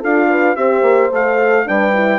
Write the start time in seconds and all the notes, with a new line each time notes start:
0.00 D4 F4 A4 F5
0.29 B4
0.55 C4 G4 C5 E5
0.82 A#3
1.11 A3 A4 F5
1.65 G3 D4 B4 G5
1.93 E4